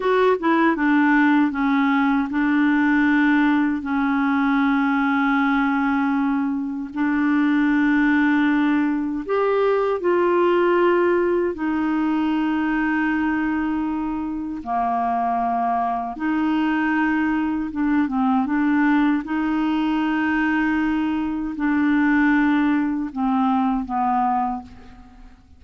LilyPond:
\new Staff \with { instrumentName = "clarinet" } { \time 4/4 \tempo 4 = 78 fis'8 e'8 d'4 cis'4 d'4~ | d'4 cis'2.~ | cis'4 d'2. | g'4 f'2 dis'4~ |
dis'2. ais4~ | ais4 dis'2 d'8 c'8 | d'4 dis'2. | d'2 c'4 b4 | }